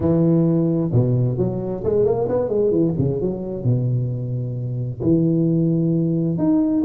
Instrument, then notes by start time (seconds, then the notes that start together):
tuba
0.00 E3
0.92 B2
1.37 F#3
1.83 G#3
2.05 A#3
2.28 B3
2.49 G#3
2.71 E3
2.98 C#3
3.21 F#3
3.64 B2
5.02 E3
6.38 D#4